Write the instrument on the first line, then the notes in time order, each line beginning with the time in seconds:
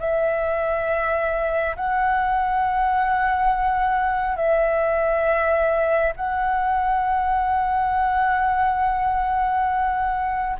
flute
0.00 E5
1.77 F#5
4.37 E5
6.17 F#5